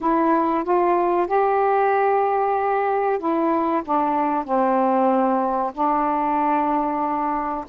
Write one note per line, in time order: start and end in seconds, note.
0.01 0.64 E4
0.64 1.27 F4
1.27 3.18 G4
3.18 3.82 E4
3.84 4.44 D4
4.44 5.72 C4
5.73 7.65 D4